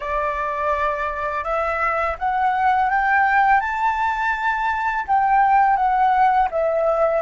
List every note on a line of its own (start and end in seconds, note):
0.00 1.44 D5
1.44 2.16 E5
2.18 2.90 F#5
2.90 3.60 G5
3.60 5.05 A5
5.07 5.76 G5
5.76 6.48 F#5
6.50 7.22 E5